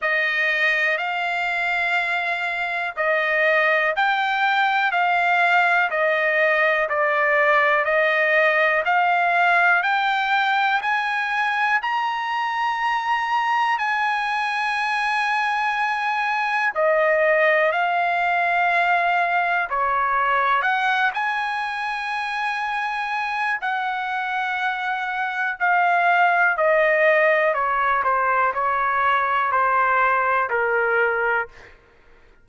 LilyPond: \new Staff \with { instrumentName = "trumpet" } { \time 4/4 \tempo 4 = 61 dis''4 f''2 dis''4 | g''4 f''4 dis''4 d''4 | dis''4 f''4 g''4 gis''4 | ais''2 gis''2~ |
gis''4 dis''4 f''2 | cis''4 fis''8 gis''2~ gis''8 | fis''2 f''4 dis''4 | cis''8 c''8 cis''4 c''4 ais'4 | }